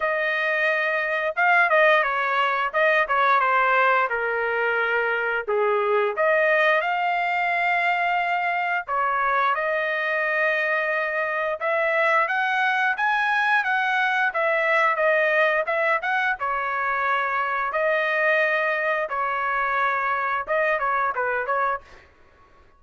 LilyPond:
\new Staff \with { instrumentName = "trumpet" } { \time 4/4 \tempo 4 = 88 dis''2 f''8 dis''8 cis''4 | dis''8 cis''8 c''4 ais'2 | gis'4 dis''4 f''2~ | f''4 cis''4 dis''2~ |
dis''4 e''4 fis''4 gis''4 | fis''4 e''4 dis''4 e''8 fis''8 | cis''2 dis''2 | cis''2 dis''8 cis''8 b'8 cis''8 | }